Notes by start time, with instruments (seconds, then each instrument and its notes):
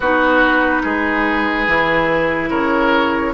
0.00 bassoon B3, clarinet D#4, oboe F#4, flute B4
0.83 bassoon G#3, oboe G#4
1.67 bassoon E3, clarinet E4
2.49 bassoon C#3, oboe A#4, flute C#5